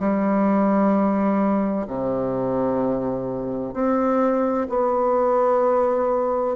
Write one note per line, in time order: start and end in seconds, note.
0.00 1.87 G3
1.87 3.74 C3
3.74 4.67 C4
4.70 6.56 B3